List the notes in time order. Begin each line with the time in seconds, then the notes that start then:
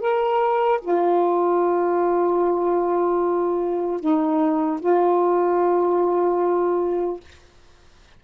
0.00 A#4
0.82 F4
4.00 D#4
4.80 F4